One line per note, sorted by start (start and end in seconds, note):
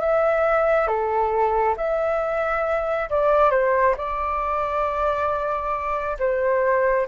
0.00 0.87 E5
0.87 1.75 A4
1.77 3.09 E5
3.10 3.51 D5
3.51 3.95 C5
3.97 6.17 D5
6.19 7.07 C5